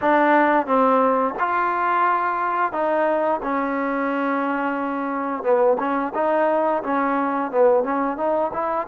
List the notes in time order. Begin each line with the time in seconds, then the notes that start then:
0.01 D4
0.66 C4
1.39 F4
2.72 D#4
3.42 C#4
5.43 B3
5.78 C#4
6.14 D#4
6.83 C#4
7.51 B3
7.83 C#4
8.17 D#4
8.53 E4